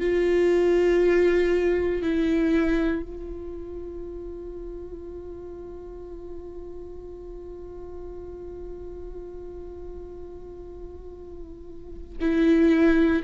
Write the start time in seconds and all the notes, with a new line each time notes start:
0.00 F4
2.02 E4
3.02 F4
12.21 E4